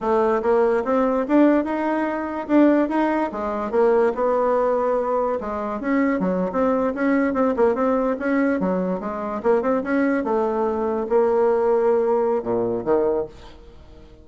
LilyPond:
\new Staff \with { instrumentName = "bassoon" } { \time 4/4 \tempo 4 = 145 a4 ais4 c'4 d'4 | dis'2 d'4 dis'4 | gis4 ais4 b2~ | b4 gis4 cis'4 fis8. c'16~ |
c'8. cis'4 c'8 ais8 c'4 cis'16~ | cis'8. fis4 gis4 ais8 c'8 cis'16~ | cis'8. a2 ais4~ ais16~ | ais2 ais,4 dis4 | }